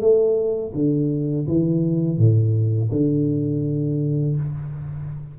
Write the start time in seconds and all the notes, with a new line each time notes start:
0.00 A3
0.74 D3
1.47 E3
2.18 A2
2.91 D3